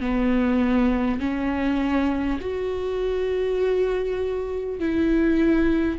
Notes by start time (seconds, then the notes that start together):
0.00 B3
1.20 C#4
2.41 F#4
4.79 E4